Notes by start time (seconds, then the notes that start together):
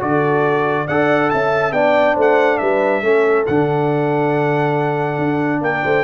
0.00 D3 F#4 A4 D5
0.87 D4 A4 D5 F#5
1.30 C#4 E5 A5
1.72 B3 D4 D5 G5
2.14 A3 C5
2.21 F#5
2.58 G3 B4 E5
3.02 A3 C#4 A4
3.46 D3 D4 F#5
5.18 D4
5.61 A#3 A#4 G5
5.83 A3 C5